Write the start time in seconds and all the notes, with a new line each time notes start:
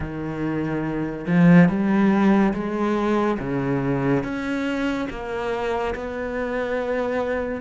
0.00 D#3
1.26 F3
1.68 G3
2.53 G#3
3.39 C#3
4.23 C#4
5.10 A#3
5.94 B3